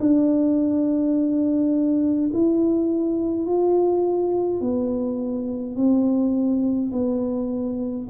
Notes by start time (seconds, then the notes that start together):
0.00 D4
2.33 E4
3.46 F4
4.61 B3
5.76 C4
6.92 B3